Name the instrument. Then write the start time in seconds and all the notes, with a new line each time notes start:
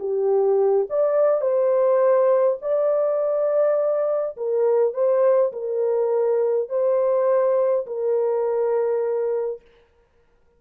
horn
0.00 G4
0.90 D5
1.41 C5
2.62 D5
4.37 A#4
4.94 C5
5.53 A#4
6.69 C5
7.87 A#4